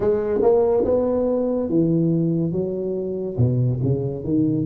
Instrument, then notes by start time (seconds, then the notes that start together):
tuba
0.00 G#3
0.41 A#3
0.85 B3
1.69 E3
2.52 F#3
3.37 B2
3.83 C#3
4.24 D#3